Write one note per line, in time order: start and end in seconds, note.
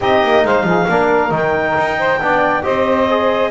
0.00 0.23 C4
0.00 0.88 D#4
0.00 0.44 G4
0.00 0.45 D#5
0.23 0.44 A#3
0.44 0.63 G#3
0.44 0.65 C5
0.44 1.33 F5
0.63 0.85 F3
0.63 0.87 G#4
0.88 1.31 A#3
0.88 1.30 D4
0.88 1.98 A#4
1.30 1.75 D#3
1.30 2.18 D#4
1.30 2.63 G5
1.77 2.20 D#4
1.98 2.20 C5
2.20 2.64 B3
2.20 2.62 D4
2.20 2.63 D5
2.62 3.51 C4
2.62 3.06 G4
2.62 3.51 C5
2.62 3.51 D#5
3.10 3.51 G#4